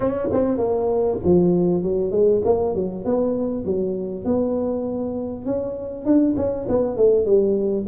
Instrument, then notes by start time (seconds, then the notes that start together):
tuba
0.00 C#4
0.32 C4
0.57 A#3
1.24 F3
1.83 F#3
2.11 G#3
2.44 A#3
2.74 F#3
3.05 B3
3.64 F#3
4.24 B3
5.45 C#4
6.05 D4
6.36 C#4
6.68 B3
6.96 A3
7.25 G3